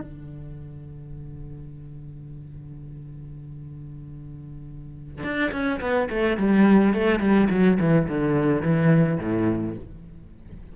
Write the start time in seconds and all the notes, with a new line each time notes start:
0.00 D3
5.23 D4
5.51 C#4
5.80 B3
6.10 A3
6.37 G3
6.93 A3
7.19 G3
7.50 F#3
7.79 E3
8.08 D3
8.62 E3
9.19 A2